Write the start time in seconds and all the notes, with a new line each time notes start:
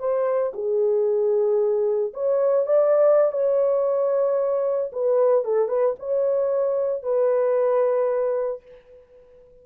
0.00 C5
0.54 G#4
2.14 C#5
2.66 D5
3.33 C#5
4.93 B4
5.45 A4
5.69 B4
6.00 C#5
7.03 B4